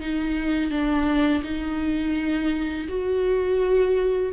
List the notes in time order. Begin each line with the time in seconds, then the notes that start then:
0.00 D#4
0.70 D4
1.43 D#4
2.88 F#4